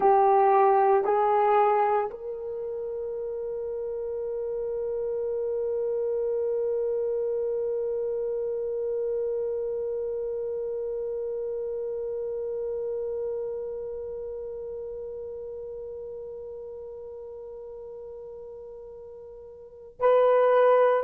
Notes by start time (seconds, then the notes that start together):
0.00 G4
1.04 G#4
2.10 A#4
19.99 B4